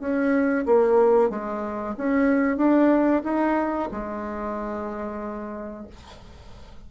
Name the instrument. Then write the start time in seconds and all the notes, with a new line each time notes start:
bassoon
0.00 C#4
0.66 A#3
1.30 G#3
1.98 C#4
2.57 D4
3.24 D#4
3.92 G#3